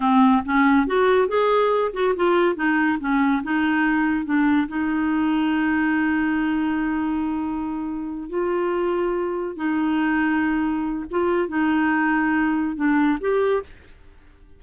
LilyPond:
\new Staff \with { instrumentName = "clarinet" } { \time 4/4 \tempo 4 = 141 c'4 cis'4 fis'4 gis'4~ | gis'8 fis'8 f'4 dis'4 cis'4 | dis'2 d'4 dis'4~ | dis'1~ |
dis'2.~ dis'8 f'8~ | f'2~ f'8 dis'4.~ | dis'2 f'4 dis'4~ | dis'2 d'4 g'4 | }